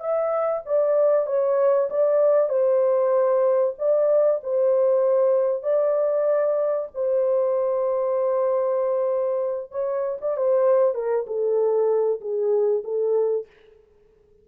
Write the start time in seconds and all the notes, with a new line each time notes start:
0.00 E5
0.65 D5
1.26 C#5
1.90 D5
2.49 C5
3.78 D5
4.43 C5
5.63 D5
6.95 C5
9.71 C#5
10.21 D5
10.37 C5
10.94 A#4
11.26 A4
12.21 G#4
12.84 A4